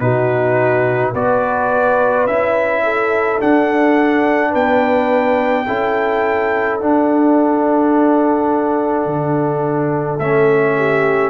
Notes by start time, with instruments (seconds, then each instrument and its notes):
0.00 tuba B2, trombone D#4, horn F#4, trumpet B4
1.12 tuba B3, trombone F#4, horn B4, trumpet D5
2.26 tuba C#4, trombone E4, trumpet E5
2.83 horn A4
3.40 trombone D4, tuba D4, trumpet F#5
4.50 tuba B3, horn B4, trumpet G5
5.67 tuba C#4, trombone E4, horn A4
6.80 trombone D4, tuba D4, trumpet F#5
9.06 tuba D3
10.19 tuba A3, trombone C#4, trumpet E5
10.77 horn G4